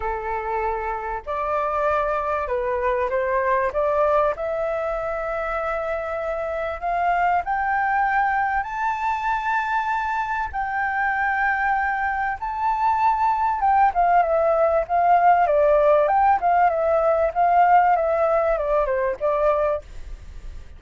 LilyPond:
\new Staff \with { instrumentName = "flute" } { \time 4/4 \tempo 4 = 97 a'2 d''2 | b'4 c''4 d''4 e''4~ | e''2. f''4 | g''2 a''2~ |
a''4 g''2. | a''2 g''8 f''8 e''4 | f''4 d''4 g''8 f''8 e''4 | f''4 e''4 d''8 c''8 d''4 | }